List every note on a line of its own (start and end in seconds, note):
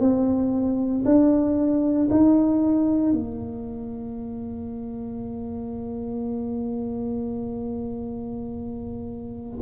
0.00 1.03 C4
1.05 2.08 D4
2.10 3.13 D#4
3.13 9.59 A#3